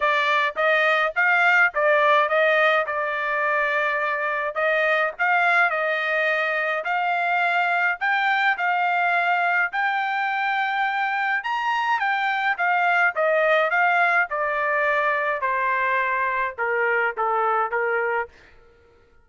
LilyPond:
\new Staff \with { instrumentName = "trumpet" } { \time 4/4 \tempo 4 = 105 d''4 dis''4 f''4 d''4 | dis''4 d''2. | dis''4 f''4 dis''2 | f''2 g''4 f''4~ |
f''4 g''2. | ais''4 g''4 f''4 dis''4 | f''4 d''2 c''4~ | c''4 ais'4 a'4 ais'4 | }